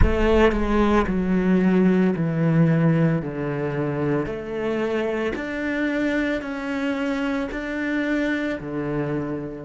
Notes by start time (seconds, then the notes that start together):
0.01 A3
0.52 G#3
1.07 F#3
2.15 E3
3.21 D3
4.26 A3
5.35 D4
6.41 C#4
7.51 D4
8.60 D3